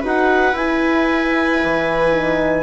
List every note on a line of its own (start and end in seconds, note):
0.00 0.53 D#4
0.00 0.55 F#4
0.00 2.63 B4
0.07 0.56 F#5
0.53 1.58 E4
0.53 2.11 E4
0.53 2.63 G#5
1.63 2.63 E3
2.11 2.63 D#4